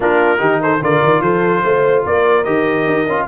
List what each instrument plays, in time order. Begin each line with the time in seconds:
0.00 tuba A#3, trombone D4, horn F4, trumpet A#4
0.38 tuba D#3, trombone D#4, horn G4
0.62 horn A4, trumpet C5
0.81 tuba D3, trombone F4, horn A#4, trumpet D5
1.03 tuba D#3
1.21 tuba F3, horn A4, trumpet C5
1.64 tuba A3, horn C5
2.03 tuba A#3, horn A#4, trumpet D5
2.44 tuba D#3, trombone G4, trumpet D#5
2.86 tuba D#4
3.06 tuba C#4, trombone F4